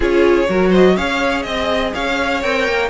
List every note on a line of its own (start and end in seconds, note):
0.00 0.47 C#4
0.00 0.46 F4
0.00 0.48 G#4
0.00 0.74 C#5
0.48 0.97 F#3
0.48 0.97 F#4
0.48 0.69 A#4
0.69 0.93 C5
0.69 0.96 D#5
0.96 1.45 C#4
0.96 2.42 G#4
0.96 1.45 C#5
0.96 1.42 F5
1.42 1.93 C4
1.42 1.90 D#5
1.42 1.94 D#5
1.94 2.44 C#4
1.94 2.89 C#5
1.94 2.42 F5
2.42 2.67 C4
2.42 2.89 A#4
2.42 2.89 G5
2.67 2.89 A#3